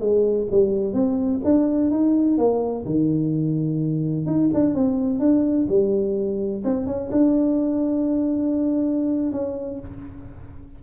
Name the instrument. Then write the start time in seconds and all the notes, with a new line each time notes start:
tuba
0.00 G#3
0.51 G3
0.93 C4
1.44 D4
1.90 D#4
2.38 A#3
2.85 D#3
4.26 D#4
4.54 D4
4.75 C4
5.19 D4
5.69 G3
6.64 C4
6.87 C#4
7.11 D4
9.32 C#4